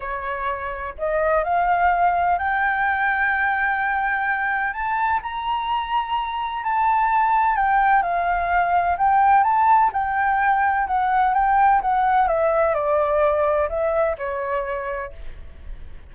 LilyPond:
\new Staff \with { instrumentName = "flute" } { \time 4/4 \tempo 4 = 127 cis''2 dis''4 f''4~ | f''4 g''2.~ | g''2 a''4 ais''4~ | ais''2 a''2 |
g''4 f''2 g''4 | a''4 g''2 fis''4 | g''4 fis''4 e''4 d''4~ | d''4 e''4 cis''2 | }